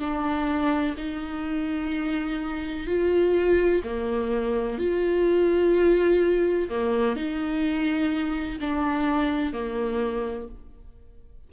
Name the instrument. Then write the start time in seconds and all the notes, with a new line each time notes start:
viola
0.00 D4
0.97 D#4
2.87 F4
3.84 A#3
4.79 F4
6.70 A#3
7.16 D#4
8.61 D4
9.53 A#3